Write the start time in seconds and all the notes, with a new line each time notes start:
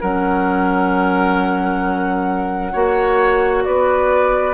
0.00 F#3 C#4 A#4 F#5
2.72 A#3 F#4 C#5
3.64 B3 B4 D5